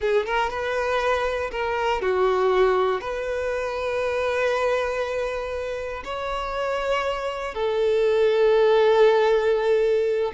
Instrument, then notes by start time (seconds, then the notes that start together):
violin
0.00 G#4
0.25 A#4
0.50 B4
1.51 A#4
2.01 F#4
3.00 B4
6.04 C#5
7.54 A4